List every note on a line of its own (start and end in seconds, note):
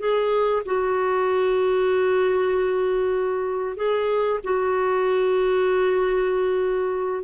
0.00 0.63 G#4
0.66 3.77 F#4
3.77 4.40 G#4
4.44 7.24 F#4